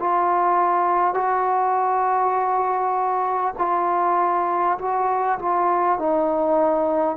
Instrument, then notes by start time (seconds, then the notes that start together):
trombone
0.00 F4
1.15 F#4
3.58 F4
4.79 F#4
5.39 F4
5.99 D#4